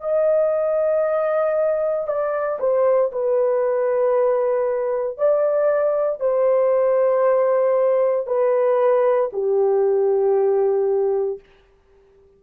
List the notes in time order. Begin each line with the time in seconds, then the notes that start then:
0.00 D#5
2.07 D5
2.59 C5
3.11 B4
5.17 D5
6.20 C5
8.27 B4
9.32 G4